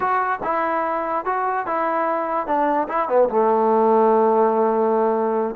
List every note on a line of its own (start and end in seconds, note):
0.00 0.39 F#4
0.43 1.25 E4
1.25 1.66 F#4
1.66 2.46 E4
2.46 2.87 D4
2.88 3.08 E4
3.08 3.29 B3
3.29 5.55 A3